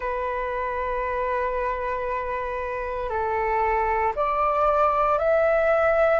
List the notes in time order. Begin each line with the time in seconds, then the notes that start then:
0.00 B4
3.09 A4
4.15 D5
5.18 E5